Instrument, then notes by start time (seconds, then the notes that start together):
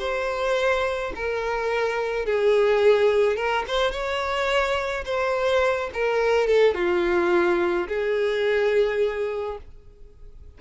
violin
0.00 C5
1.16 A#4
2.26 G#4
3.37 A#4
3.68 C5
3.92 C#5
5.06 C5
5.94 A#4
6.48 A4
6.75 F4
7.89 G#4